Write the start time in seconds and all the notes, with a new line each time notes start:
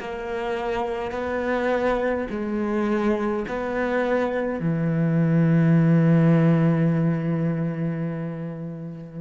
0.00 A#3
1.12 B3
2.30 G#3
3.48 B3
4.60 E3